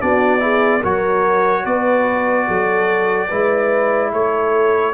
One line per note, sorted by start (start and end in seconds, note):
0.00 0.84 B3
0.00 0.39 D4
0.00 0.42 F#4
0.00 0.83 D5
0.39 0.80 E4
0.39 0.80 G#4
0.80 1.65 F#3
0.80 3.30 F#4
0.80 1.62 A#4
0.80 1.65 C#5
1.64 2.48 B3
1.64 2.46 B4
1.64 4.12 D5
2.47 3.31 F#3
2.47 3.27 A4
3.27 4.13 G#3
3.27 4.93 E4
3.27 4.09 B4
4.13 4.93 A3
4.13 4.93 A4
4.13 4.93 C#5